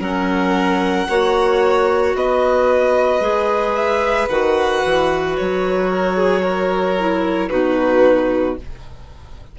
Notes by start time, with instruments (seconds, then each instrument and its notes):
0.00 bassoon F#3, clarinet C#4, violin A#4 F#5
1.09 bassoon A#3, clarinet F#4, violin C#5
2.15 bassoon B3, violin B4 D#5
3.20 bassoon G#3, clarinet G#4
3.75 violin E5
4.29 bassoon D#3, clarinet F#4, violin F#5
4.85 bassoon E3
5.37 bassoon F#3, violin C#5
5.90 violin A#4
6.16 violin G#4
6.42 violin A#4
6.99 clarinet E4
7.49 bassoon B2, clarinet D#4, violin F#4 B4